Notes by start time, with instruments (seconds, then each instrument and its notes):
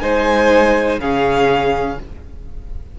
0.00 cello G#3, viola D#4, violin C5 G#5
0.99 cello C#3, viola C#4, violin G#4 F5